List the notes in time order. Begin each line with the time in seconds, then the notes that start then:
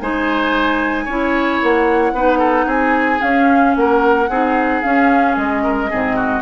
0.00 G#3 D#4 C5 G#5
1.05 C#4 E4 C#5
1.62 A#3 F#5
2.12 B3 D#4 B4
2.38 A4
2.66 C4 G#4 G#5
3.19 C#4 F5
3.76 A#3 A#4 F#5
4.29 C4 D#4 G#4
4.82 C#4 F5
5.36 G#3 D#5
5.63 A#4
5.89 G#2 C4 G#4
6.16 F#4